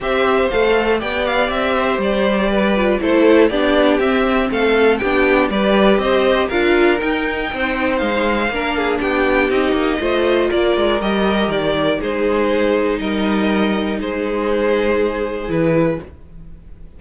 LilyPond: <<
  \new Staff \with { instrumentName = "violin" } { \time 4/4 \tempo 4 = 120 e''4 f''4 g''8 f''8 e''4 | d''2 c''4 d''4 | e''4 f''4 g''4 d''4 | dis''4 f''4 g''2 |
f''2 g''4 dis''4~ | dis''4 d''4 dis''4 d''4 | c''2 dis''2 | c''2. b'4 | }
  \new Staff \with { instrumentName = "violin" } { \time 4/4 c''2 d''4. c''8~ | c''4 b'4 a'4 g'4~ | g'4 a'4 g'4 b'4 | c''4 ais'2 c''4~ |
c''4 ais'8 gis'8 g'2 | c''4 ais'2. | gis'2 ais'2 | gis'1 | }
  \new Staff \with { instrumentName = "viola" } { \time 4/4 g'4 a'4 g'2~ | g'4. f'8 e'4 d'4 | c'2 d'4 g'4~ | g'4 f'4 dis'2~ |
dis'4 d'2 dis'4 | f'2 g'2 | dis'1~ | dis'2. e'4 | }
  \new Staff \with { instrumentName = "cello" } { \time 4/4 c'4 a4 b4 c'4 | g2 a4 b4 | c'4 a4 b4 g4 | c'4 d'4 dis'4 c'4 |
gis4 ais4 b4 c'8 ais8 | a4 ais8 gis8 g4 dis4 | gis2 g2 | gis2. e4 | }
>>